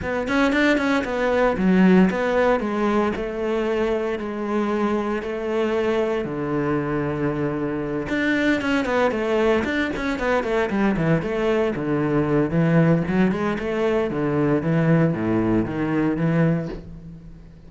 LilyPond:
\new Staff \with { instrumentName = "cello" } { \time 4/4 \tempo 4 = 115 b8 cis'8 d'8 cis'8 b4 fis4 | b4 gis4 a2 | gis2 a2 | d2.~ d8 d'8~ |
d'8 cis'8 b8 a4 d'8 cis'8 b8 | a8 g8 e8 a4 d4. | e4 fis8 gis8 a4 d4 | e4 a,4 dis4 e4 | }